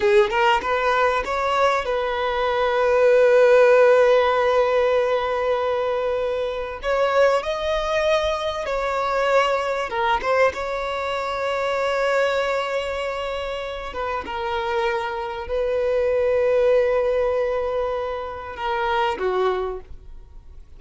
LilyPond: \new Staff \with { instrumentName = "violin" } { \time 4/4 \tempo 4 = 97 gis'8 ais'8 b'4 cis''4 b'4~ | b'1~ | b'2. cis''4 | dis''2 cis''2 |
ais'8 c''8 cis''2.~ | cis''2~ cis''8 b'8 ais'4~ | ais'4 b'2.~ | b'2 ais'4 fis'4 | }